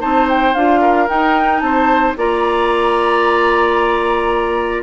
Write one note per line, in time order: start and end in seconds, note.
0.00 0.55 C4
0.00 0.54 D#4
0.00 0.81 C5
0.00 0.28 A5
0.30 0.55 G5
0.55 1.09 D4
0.55 1.08 F4
0.55 1.08 F5
0.81 1.62 A#4
1.08 2.16 D#4
1.08 1.62 D#4
1.08 1.60 G5
1.60 2.15 C4
1.60 2.18 C5
1.60 2.14 A5
2.17 4.84 A#3
2.17 4.84 F4
2.17 4.84 D5
2.17 4.84 A#5